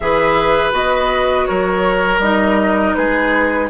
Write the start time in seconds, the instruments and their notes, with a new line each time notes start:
0.00 bassoon E3, clarinet G#4, oboe B4, flute E5
0.71 bassoon B3, clarinet F#4, flute D#5
1.45 bassoon F#3, oboe A#4, flute C#5
2.19 bassoon G3, clarinet D#4, flute D#5
2.94 bassoon G#3, oboe G#4, flute B4